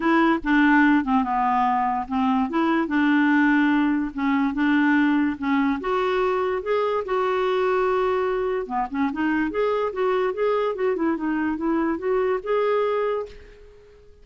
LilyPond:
\new Staff \with { instrumentName = "clarinet" } { \time 4/4 \tempo 4 = 145 e'4 d'4. c'8 b4~ | b4 c'4 e'4 d'4~ | d'2 cis'4 d'4~ | d'4 cis'4 fis'2 |
gis'4 fis'2.~ | fis'4 b8 cis'8 dis'4 gis'4 | fis'4 gis'4 fis'8 e'8 dis'4 | e'4 fis'4 gis'2 | }